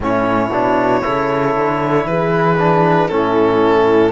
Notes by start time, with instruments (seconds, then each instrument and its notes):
0.00 cello A2, trombone C#4, horn E4, violin C#5
0.49 cello B2, trombone D4
1.02 cello C#3, trombone E4, horn A4
1.55 cello D3
2.05 cello E3, horn G#4, violin B4
2.58 trombone D4
3.08 cello A2, trombone C#4, horn E4, violin A4